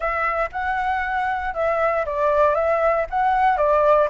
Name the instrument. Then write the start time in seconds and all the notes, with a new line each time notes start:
flute
0.00 E5
0.52 F#5
1.54 E5
2.05 D5
2.54 E5
3.10 F#5
3.57 D5